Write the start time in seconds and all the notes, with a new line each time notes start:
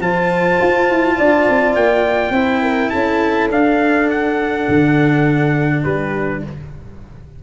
0.00 F3 F4 C5 A5
0.60 F4
0.89 E4
1.17 D4 D5
1.49 C4
1.76 A#3 G5
2.31 C4 E4 C5
2.62 A#4
2.90 C#4 A4 A5
3.51 D4 F5
4.10 F#5
4.68 D3
5.83 G3 G4 B4